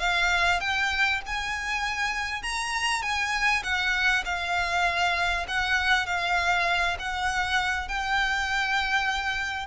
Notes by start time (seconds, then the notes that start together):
0.00 F5
0.61 G5
1.27 G#5
2.43 A#5
3.03 G#5
3.64 F#5
4.26 F5
5.48 F#5
6.07 F5
6.99 F#5
7.89 G5